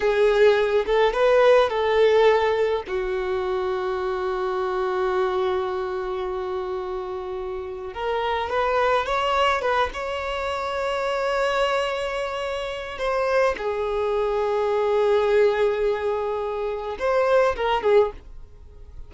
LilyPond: \new Staff \with { instrumentName = "violin" } { \time 4/4 \tempo 4 = 106 gis'4. a'8 b'4 a'4~ | a'4 fis'2.~ | fis'1~ | fis'2 ais'4 b'4 |
cis''4 b'8 cis''2~ cis''8~ | cis''2. c''4 | gis'1~ | gis'2 c''4 ais'8 gis'8 | }